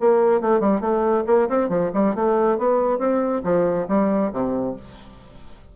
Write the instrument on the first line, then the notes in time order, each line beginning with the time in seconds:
bassoon
0.00 A#3
0.41 A3
0.60 G3
0.80 A3
1.26 A#3
1.49 C4
1.69 F3
1.94 G3
2.15 A3
2.58 B3
2.99 C4
3.43 F3
3.88 G3
4.32 C3